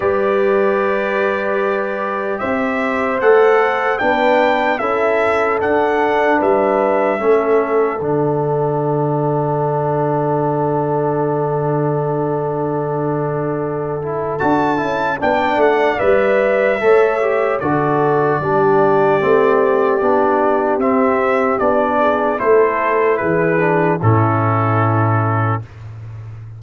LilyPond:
<<
  \new Staff \with { instrumentName = "trumpet" } { \time 4/4 \tempo 4 = 75 d''2. e''4 | fis''4 g''4 e''4 fis''4 | e''2 fis''2~ | fis''1~ |
fis''2 a''4 g''8 fis''8 | e''2 d''2~ | d''2 e''4 d''4 | c''4 b'4 a'2 | }
  \new Staff \with { instrumentName = "horn" } { \time 4/4 b'2. c''4~ | c''4 b'4 a'2 | b'4 a'2.~ | a'1~ |
a'2. d''4~ | d''4 cis''4 a'4 g'4~ | g'2.~ g'8 gis'8 | a'4 gis'4 e'2 | }
  \new Staff \with { instrumentName = "trombone" } { \time 4/4 g'1 | a'4 d'4 e'4 d'4~ | d'4 cis'4 d'2~ | d'1~ |
d'4. e'8 fis'8 e'8 d'4 | b'4 a'8 g'8 fis'4 d'4 | c'4 d'4 c'4 d'4 | e'4. d'8 cis'2 | }
  \new Staff \with { instrumentName = "tuba" } { \time 4/4 g2. c'4 | a4 b4 cis'4 d'4 | g4 a4 d2~ | d1~ |
d2 d'8 cis'8 b8 a8 | g4 a4 d4 g4 | a4 b4 c'4 b4 | a4 e4 a,2 | }
>>